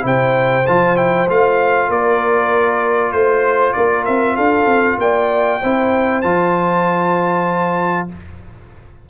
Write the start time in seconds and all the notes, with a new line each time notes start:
0.00 C3 E4 C5
0.07 G5
0.66 F3 F4 A5
0.96 E4 G5
1.29 A3 F4 F5
1.89 A#3 A#4 D5
3.11 A3 C5
3.73 A#3 A#4 D5
4.05 C4 E5
4.35 D4 A4 F5
4.66 C4
4.98 A#3 D5 G5
5.61 C4 E4 C5
6.21 F3 F4 A5